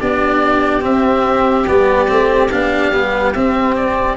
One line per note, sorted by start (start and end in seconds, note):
0.00 0.84 B3
0.00 0.81 D4
0.00 4.17 G4
0.00 0.84 D5
0.81 1.64 C4
0.81 1.67 C4
0.81 1.67 E5
1.67 2.10 G3
1.67 2.08 B3
1.67 2.51 D5
2.08 2.52 A3
2.08 2.49 C4
2.51 2.91 B3
2.51 2.93 D4
2.51 3.33 F5
2.91 3.33 G3
2.91 3.35 B3
3.33 4.17 C4
3.33 3.75 E5
3.76 4.17 D5